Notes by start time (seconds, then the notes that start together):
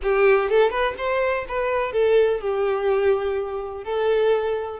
0.02 G4
0.49 A4
0.70 B4
0.97 C5
1.48 B4
1.92 A4
2.40 G4
3.84 A4